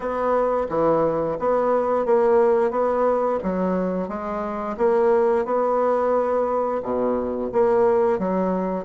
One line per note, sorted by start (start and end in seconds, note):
0.00 0.67 B3
0.69 1.37 E3
1.39 2.05 B3
2.05 2.70 A#3
2.70 3.38 B3
3.43 4.08 F#3
4.08 4.76 G#3
4.77 5.45 A#3
5.45 6.81 B3
6.82 7.50 B2
7.52 8.18 A#3
8.18 8.85 F#3